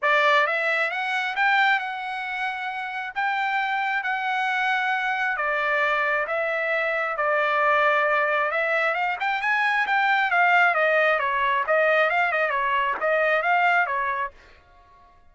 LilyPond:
\new Staff \with { instrumentName = "trumpet" } { \time 4/4 \tempo 4 = 134 d''4 e''4 fis''4 g''4 | fis''2. g''4~ | g''4 fis''2. | d''2 e''2 |
d''2. e''4 | f''8 g''8 gis''4 g''4 f''4 | dis''4 cis''4 dis''4 f''8 dis''8 | cis''4 dis''4 f''4 cis''4 | }